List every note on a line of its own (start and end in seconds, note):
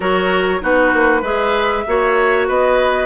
0.00 0.61 F#3
0.00 0.60 F#4
0.00 0.61 A#4
0.00 0.62 C#5
0.60 0.93 B3
0.60 1.22 D#4
0.60 1.21 F#4
0.60 1.24 B4
0.93 1.22 A#3
1.21 1.84 G#3
1.21 1.85 G#4
1.21 1.83 B4
1.21 2.48 E5
1.87 2.49 A#3
1.87 3.06 F#4
1.87 2.47 C#5
2.47 3.06 B3
2.47 3.06 B4
2.47 3.06 D#5